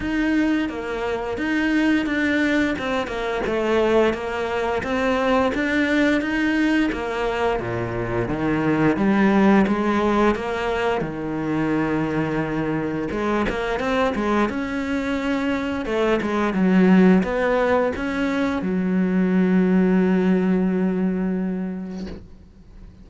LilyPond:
\new Staff \with { instrumentName = "cello" } { \time 4/4 \tempo 4 = 87 dis'4 ais4 dis'4 d'4 | c'8 ais8 a4 ais4 c'4 | d'4 dis'4 ais4 ais,4 | dis4 g4 gis4 ais4 |
dis2. gis8 ais8 | c'8 gis8 cis'2 a8 gis8 | fis4 b4 cis'4 fis4~ | fis1 | }